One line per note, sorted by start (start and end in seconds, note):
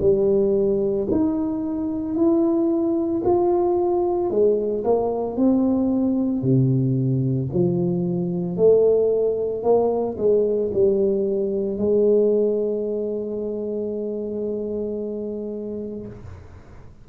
0.00 1.07 G3
1.11 2.15 D#4
2.15 3.22 E4
3.24 4.30 F4
4.30 4.83 G#3
4.84 5.36 A#3
5.36 6.42 C4
6.42 7.49 C3
7.52 8.56 F3
8.56 9.63 A3
9.63 10.16 A#3
10.17 10.71 G#3
10.73 11.78 G3
11.78 16.06 G#3